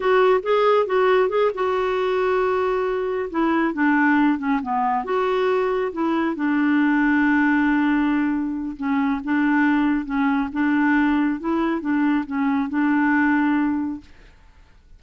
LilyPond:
\new Staff \with { instrumentName = "clarinet" } { \time 4/4 \tempo 4 = 137 fis'4 gis'4 fis'4 gis'8 fis'8~ | fis'2.~ fis'8 e'8~ | e'8 d'4. cis'8 b4 fis'8~ | fis'4. e'4 d'4.~ |
d'1 | cis'4 d'2 cis'4 | d'2 e'4 d'4 | cis'4 d'2. | }